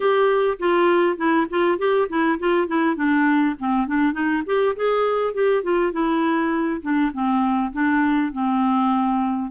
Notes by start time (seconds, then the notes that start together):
0.00 G4
0.59 F4
1.17 E4
1.50 F4
1.78 G4
2.09 E4
2.39 F4
2.67 E4
2.96 D4
3.59 C4
3.87 D4
4.13 D#4
4.46 G4
4.76 G#4
5.34 G4
5.63 F4
5.92 E4
6.82 D4
7.13 C4
7.73 D4
8.32 C4